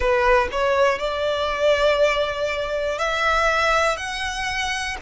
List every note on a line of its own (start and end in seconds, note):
0.00 0.48 B4
0.51 0.99 C#5
0.99 2.98 D5
2.98 3.96 E5
3.96 4.96 F#5